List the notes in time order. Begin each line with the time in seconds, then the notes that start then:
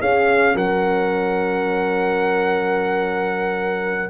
0.00 C#4 G#4 F5
0.54 F#3 A#4 F#5